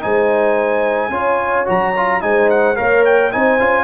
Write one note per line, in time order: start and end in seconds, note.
0.00 1.10 G#3
0.00 1.10 D#4
0.00 1.11 C5
0.00 1.67 G#5
1.10 1.65 C#4
1.10 1.65 F4
1.10 2.21 C#5
1.65 2.22 F#3
1.65 1.93 F#4
1.65 2.22 A#5
1.96 2.20 F4
2.20 2.77 G#3
2.20 2.75 D#4
2.20 2.77 C5
2.20 2.49 G#5
2.50 2.76 F#5
2.76 3.34 A#3
2.76 3.31 A#4
2.76 3.32 C#5
2.76 3.04 F5
3.05 3.32 G5
3.32 3.59 C4
3.32 3.59 D#4
3.32 3.83 C5
3.32 3.83 G#5
3.59 3.83 C#4
3.59 3.83 F4